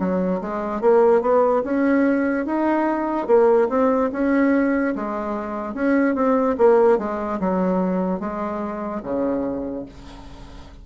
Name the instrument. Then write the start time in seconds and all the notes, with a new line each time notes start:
bassoon
0.00 F#3
0.41 G#3
0.81 A#3
1.22 B3
1.64 C#4
2.46 D#4
3.28 A#3
3.69 C4
4.13 C#4
4.96 G#3
5.75 C#4
6.15 C4
6.58 A#3
6.99 G#3
7.40 F#3
8.20 G#3
9.04 C#3